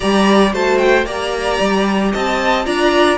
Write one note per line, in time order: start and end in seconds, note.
0.00 0.53 G3
0.00 0.51 G4
0.00 0.53 D5
0.00 0.52 A#5
0.52 1.05 A3
0.52 1.05 F#4
0.52 1.05 C5
0.52 0.78 A5
0.78 1.04 G5
1.05 1.58 A#3
1.05 2.64 G4
1.05 2.11 D5
1.05 2.12 A#5
1.60 2.13 G3
2.12 2.66 C4
2.12 2.65 D#5
2.12 2.66 A5
2.64 3.18 D4
2.64 3.17 F4
2.64 3.18 D5
2.64 3.18 A#5